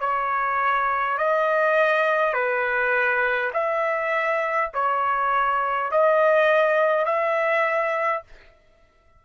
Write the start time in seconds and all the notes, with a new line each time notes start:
0.00 C#5
1.18 D#5
2.33 B4
3.53 E5
4.74 C#5
5.91 D#5
7.05 E5